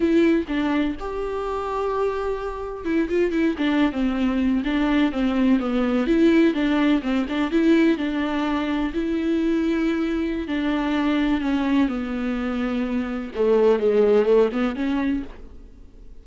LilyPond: \new Staff \with { instrumentName = "viola" } { \time 4/4 \tempo 4 = 126 e'4 d'4 g'2~ | g'2 e'8 f'8 e'8 d'8~ | d'16 c'4. d'4 c'4 b16~ | b8. e'4 d'4 c'8 d'8 e'16~ |
e'8. d'2 e'4~ e'16~ | e'2 d'2 | cis'4 b2. | a4 gis4 a8 b8 cis'4 | }